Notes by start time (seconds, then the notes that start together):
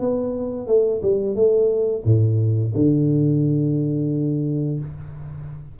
0.00 B3
0.67 A3
1.02 G3
1.35 A3
2.05 A2
2.75 D3